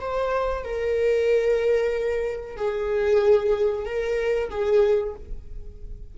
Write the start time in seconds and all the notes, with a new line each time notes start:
0.00 C5
0.64 A#4
2.57 G#4
3.85 A#4
4.50 G#4